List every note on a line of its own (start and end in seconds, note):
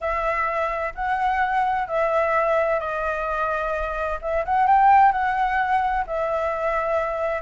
0.00 0.93 E5
0.94 1.87 F#5
1.88 2.79 E5
2.79 4.19 D#5
4.21 4.44 E5
4.45 4.66 F#5
4.66 5.12 G5
5.12 6.05 F#5
6.06 7.41 E5